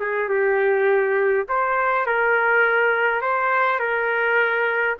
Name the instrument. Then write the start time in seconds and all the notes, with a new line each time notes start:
trumpet
0.00 G#4
0.29 G4
1.49 C5
2.07 A#4
3.22 C5
3.80 A#4